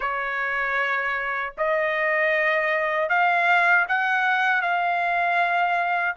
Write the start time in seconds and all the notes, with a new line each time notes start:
0.00 C#5
1.57 D#5
3.09 F5
3.88 F#5
4.62 F5